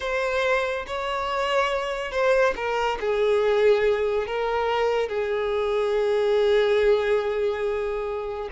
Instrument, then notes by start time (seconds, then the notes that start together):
violin
0.00 C5
0.86 C#5
2.11 C5
2.56 A#4
3.00 G#4
4.26 A#4
5.09 G#4